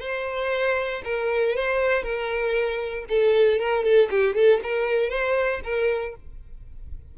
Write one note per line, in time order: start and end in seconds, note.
0.00 1.03 C5
1.04 1.56 A#4
1.56 2.03 C5
2.03 3.05 A#4
3.09 3.59 A4
3.59 3.84 A#4
3.84 4.09 A4
4.10 4.35 G4
4.35 4.60 A4
4.63 5.09 A#4
5.09 5.61 C5
5.64 6.15 A#4